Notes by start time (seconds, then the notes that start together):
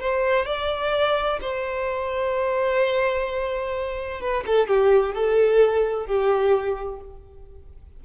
0.00 C5
0.46 D5
1.41 C5
4.21 B4
4.46 A4
4.68 G4
5.15 A4
6.06 G4